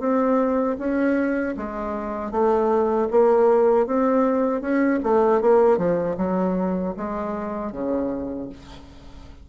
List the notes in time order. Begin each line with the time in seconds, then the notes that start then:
0.00 C4
0.79 C#4
1.57 G#3
2.31 A3
3.11 A#3
3.87 C4
4.62 C#4
5.03 A3
5.42 A#3
5.78 F3
6.17 F#3
6.97 G#3
7.72 C#3